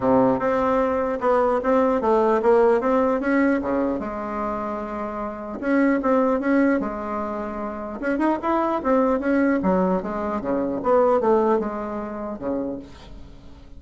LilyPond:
\new Staff \with { instrumentName = "bassoon" } { \time 4/4 \tempo 4 = 150 c4 c'2 b4 | c'4 a4 ais4 c'4 | cis'4 cis4 gis2~ | gis2 cis'4 c'4 |
cis'4 gis2. | cis'8 dis'8 e'4 c'4 cis'4 | fis4 gis4 cis4 b4 | a4 gis2 cis4 | }